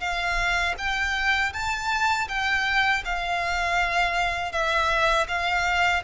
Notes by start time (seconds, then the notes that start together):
0.00 F5
0.78 G5
1.53 A5
2.28 G5
3.05 F5
4.52 E5
5.28 F5